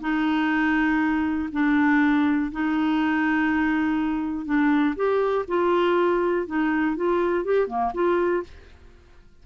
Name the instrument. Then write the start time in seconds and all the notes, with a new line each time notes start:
clarinet
0.00 D#4
1.52 D4
2.51 D#4
4.45 D4
4.95 G4
5.47 F4
6.46 D#4
6.96 F4
7.44 G4
7.67 A#3
7.94 F4